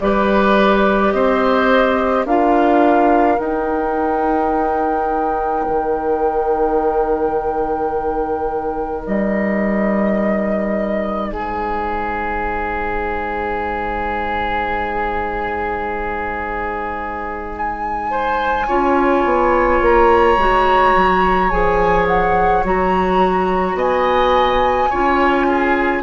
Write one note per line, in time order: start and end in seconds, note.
0.00 1.13 G3
0.00 2.27 G4
0.00 1.14 B4
0.00 1.12 D5
1.12 2.25 C4
1.12 2.25 C5
1.12 2.25 D#5
2.25 3.38 D4
2.25 3.38 F4
2.25 11.31 A#4
2.25 3.38 F5
3.38 18.66 D#4
3.38 5.65 D#4
3.38 9.04 G5
5.68 9.06 D#3
9.06 11.31 G3
9.06 11.31 D#5
11.31 18.67 G#3
11.31 18.10 G#4
11.31 17.54 C5
17.57 19.83 G#5
18.10 18.67 C5
18.67 19.24 C#4
18.67 20.38 F4
18.67 23.76 C#5
19.24 19.80 B3
19.81 20.37 A#3
19.81 21.50 A#5
20.37 20.93 G#3
20.37 21.51 F#4
20.95 21.52 F#3
21.50 22.63 F3
21.50 22.63 G#4
21.50 22.06 G#5
22.07 22.64 F#5
22.63 23.74 F#3
22.63 24.90 F#4
22.63 23.79 A#5
23.74 24.87 B3
23.74 24.89 D#5
23.74 26.03 G#5
24.89 26.03 C#4
24.89 26.03 F4
24.89 25.46 C#5
25.48 26.03 G#4